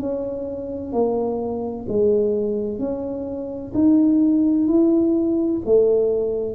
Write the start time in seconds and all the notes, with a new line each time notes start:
0.00 C#4
0.92 A#3
1.89 G#3
2.79 C#4
3.74 D#4
4.68 E4
5.65 A3